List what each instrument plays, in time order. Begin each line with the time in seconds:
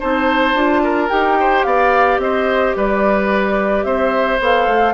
0.00 bassoon C4, clarinet D#4, oboe C5, flute A5
0.54 bassoon D4, clarinet F4
0.83 oboe A#4
1.09 bassoon D#4, clarinet G4, flute G5
1.40 oboe C5
1.64 bassoon B3, oboe D5, flute F5
2.18 bassoon C4, oboe C5, flute D#5
2.76 bassoon G3, oboe B4, flute D5
3.84 bassoon C4, oboe C5, flute E5
4.40 bassoon B3, clarinet A4, flute F5
4.67 bassoon A3